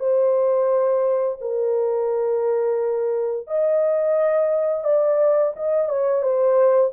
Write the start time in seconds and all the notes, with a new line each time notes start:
0.00 C5
1.41 A#4
3.48 D#5
4.85 D5
5.57 D#5
5.89 C#5
6.23 C5